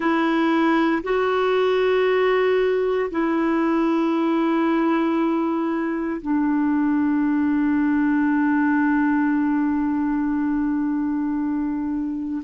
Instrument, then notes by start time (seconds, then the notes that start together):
clarinet
0.00 E4
1.03 F#4
3.10 E4
6.21 D4